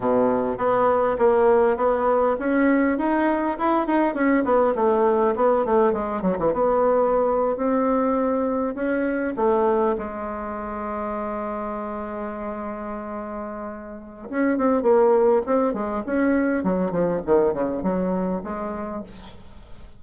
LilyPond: \new Staff \with { instrumentName = "bassoon" } { \time 4/4 \tempo 4 = 101 b,4 b4 ais4 b4 | cis'4 dis'4 e'8 dis'8 cis'8 b8 | a4 b8 a8 gis8 fis16 e16 b4~ | b8. c'2 cis'4 a16~ |
a8. gis2.~ gis16~ | gis1 | cis'8 c'8 ais4 c'8 gis8 cis'4 | fis8 f8 dis8 cis8 fis4 gis4 | }